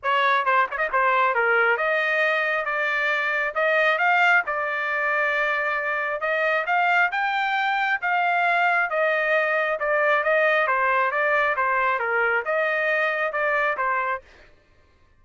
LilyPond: \new Staff \with { instrumentName = "trumpet" } { \time 4/4 \tempo 4 = 135 cis''4 c''8 cis''16 dis''16 c''4 ais'4 | dis''2 d''2 | dis''4 f''4 d''2~ | d''2 dis''4 f''4 |
g''2 f''2 | dis''2 d''4 dis''4 | c''4 d''4 c''4 ais'4 | dis''2 d''4 c''4 | }